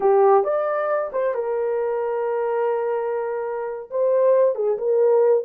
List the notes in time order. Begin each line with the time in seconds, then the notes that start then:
0.00 G4
0.44 D5
1.12 C5
1.34 A#4
3.90 C5
4.55 G#4
4.78 A#4